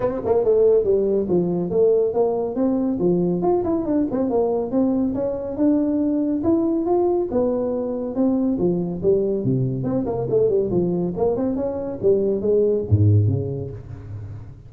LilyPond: \new Staff \with { instrumentName = "tuba" } { \time 4/4 \tempo 4 = 140 c'8 ais8 a4 g4 f4 | a4 ais4 c'4 f4 | f'8 e'8 d'8 c'8 ais4 c'4 | cis'4 d'2 e'4 |
f'4 b2 c'4 | f4 g4 c4 c'8 ais8 | a8 g8 f4 ais8 c'8 cis'4 | g4 gis4 gis,4 cis4 | }